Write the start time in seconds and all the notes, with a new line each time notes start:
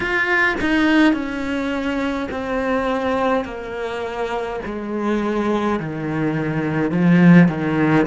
0.00 F4
0.60 D#4
1.13 C#4
2.31 C4
3.44 A#3
4.65 G#3
5.80 D#3
6.91 F3
7.48 D#3